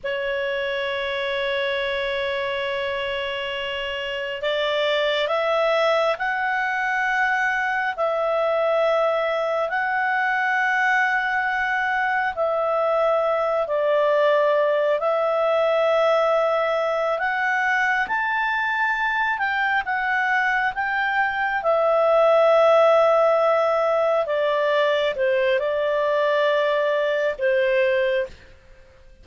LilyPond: \new Staff \with { instrumentName = "clarinet" } { \time 4/4 \tempo 4 = 68 cis''1~ | cis''4 d''4 e''4 fis''4~ | fis''4 e''2 fis''4~ | fis''2 e''4. d''8~ |
d''4 e''2~ e''8 fis''8~ | fis''8 a''4. g''8 fis''4 g''8~ | g''8 e''2. d''8~ | d''8 c''8 d''2 c''4 | }